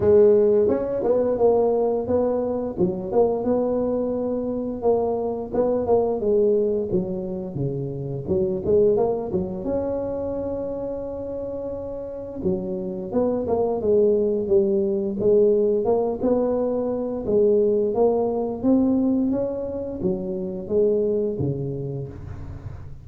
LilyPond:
\new Staff \with { instrumentName = "tuba" } { \time 4/4 \tempo 4 = 87 gis4 cis'8 b8 ais4 b4 | fis8 ais8 b2 ais4 | b8 ais8 gis4 fis4 cis4 | fis8 gis8 ais8 fis8 cis'2~ |
cis'2 fis4 b8 ais8 | gis4 g4 gis4 ais8 b8~ | b4 gis4 ais4 c'4 | cis'4 fis4 gis4 cis4 | }